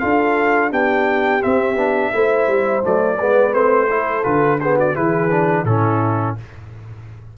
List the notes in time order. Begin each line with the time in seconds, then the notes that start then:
0.00 D4 F4 A4 F5
0.71 B3 D4 G4 G5
1.41 C4 E5
1.76 B3 D4
2.13 A3 E4 C5
2.48 G3
2.83 F#3 A3 D5
3.18 G#3 B3 B4
3.53 A3 C4 C5
3.90 E4 A4
4.23 D3 F4 B4
4.60 B3 G#4 C5
4.78 F#4 D5
4.95 E3 E4 G#4 B4
5.31 D4
5.65 A2 C#4 E4 A4